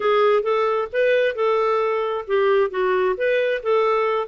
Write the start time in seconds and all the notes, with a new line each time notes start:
0.00 G#4
0.43 A4
0.92 B4
1.35 A4
2.27 G4
2.70 F#4
3.17 B4
3.63 A4